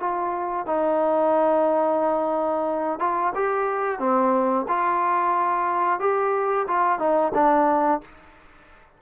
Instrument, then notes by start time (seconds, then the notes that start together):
trombone
0.00 F4
0.66 D#4
3.00 F4
3.35 G4
3.99 C4
4.68 F4
6.00 G4
6.68 F4
6.99 D#4
7.35 D4